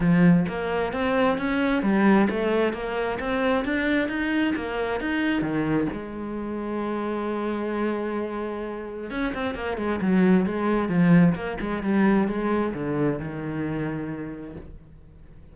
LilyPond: \new Staff \with { instrumentName = "cello" } { \time 4/4 \tempo 4 = 132 f4 ais4 c'4 cis'4 | g4 a4 ais4 c'4 | d'4 dis'4 ais4 dis'4 | dis4 gis2.~ |
gis1 | cis'8 c'8 ais8 gis8 fis4 gis4 | f4 ais8 gis8 g4 gis4 | d4 dis2. | }